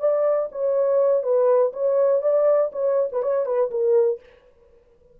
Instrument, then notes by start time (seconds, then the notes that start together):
horn
0.00 D5
0.52 C#5
1.23 B4
1.73 C#5
2.22 D5
2.73 C#5
3.13 B4
3.23 C#5
3.46 B4
3.71 A#4